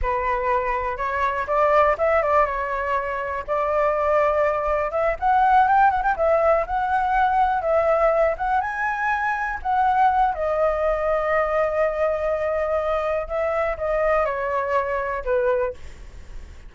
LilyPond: \new Staff \with { instrumentName = "flute" } { \time 4/4 \tempo 4 = 122 b'2 cis''4 d''4 | e''8 d''8 cis''2 d''4~ | d''2 e''8 fis''4 g''8 | fis''16 g''16 e''4 fis''2 e''8~ |
e''4 fis''8 gis''2 fis''8~ | fis''4 dis''2.~ | dis''2. e''4 | dis''4 cis''2 b'4 | }